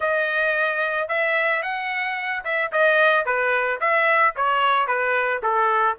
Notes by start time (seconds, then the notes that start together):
0.00 D#5
1.08 E5
1.62 F#5
2.44 E5
2.71 D#5
3.25 B4
3.80 E5
4.36 C#5
4.87 B4
5.42 A4